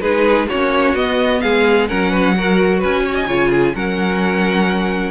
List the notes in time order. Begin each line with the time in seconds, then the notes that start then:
0.00 G#3 D#4 G#4 B4
0.48 A#3 C#4 F#4 C#5
0.94 B3 D#5
1.41 G#3 G#4 F5
1.87 F#3 C#4 A#4 F#5
2.10 B4
2.35 F#4 A#4
2.79 C#4 B4 G#5
3.05 C#5
3.15 D#5
3.27 C#3 F4 C#5
3.48 G#4
3.74 F#3 C#4 A#4 F#5